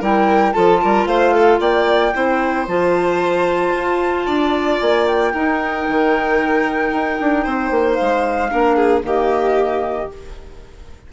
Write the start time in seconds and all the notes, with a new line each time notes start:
0.00 G3 E4 A#4 G5
0.52 F3 F4 A4 A5
0.82 G3 A#4
1.06 A3 C5 F5
1.33 A4
1.59 A#3 D5 G5
2.13 C4 E4 C5
2.67 F3 F4 A5
3.74 F4
4.26 D4 D5
4.80 A#3 G#5
5.07 G5
5.32 D#4 A#4
5.88 D#3
6.92 D#4
7.20 D4
7.44 C4 C5
7.70 A#3
7.94 F5
8.01 G#3
8.49 A#3 D4 A#4
8.76 G#4
9.02 D#3 A#3 G4 D#5